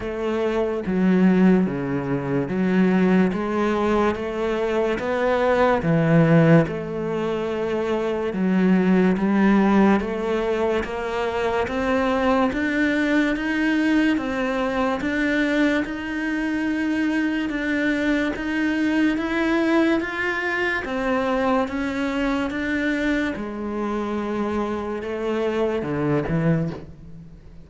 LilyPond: \new Staff \with { instrumentName = "cello" } { \time 4/4 \tempo 4 = 72 a4 fis4 cis4 fis4 | gis4 a4 b4 e4 | a2 fis4 g4 | a4 ais4 c'4 d'4 |
dis'4 c'4 d'4 dis'4~ | dis'4 d'4 dis'4 e'4 | f'4 c'4 cis'4 d'4 | gis2 a4 d8 e8 | }